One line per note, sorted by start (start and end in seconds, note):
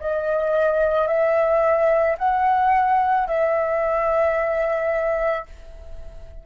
0.00 1.08 D#5
1.08 2.17 E5
2.18 3.27 F#5
3.28 5.46 E5